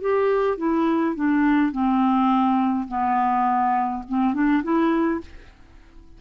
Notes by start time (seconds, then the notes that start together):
0.00 G4
0.57 E4
1.15 D4
1.72 C4
2.87 B3
4.08 C4
4.33 D4
4.63 E4